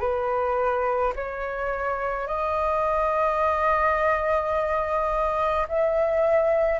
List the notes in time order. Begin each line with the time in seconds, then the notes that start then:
0.00 B4
1.15 C#5
2.27 D#5
5.68 E5